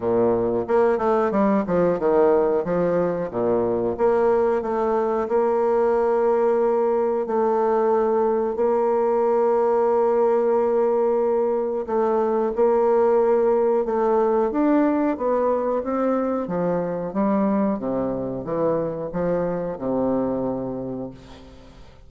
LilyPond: \new Staff \with { instrumentName = "bassoon" } { \time 4/4 \tempo 4 = 91 ais,4 ais8 a8 g8 f8 dis4 | f4 ais,4 ais4 a4 | ais2. a4~ | a4 ais2.~ |
ais2 a4 ais4~ | ais4 a4 d'4 b4 | c'4 f4 g4 c4 | e4 f4 c2 | }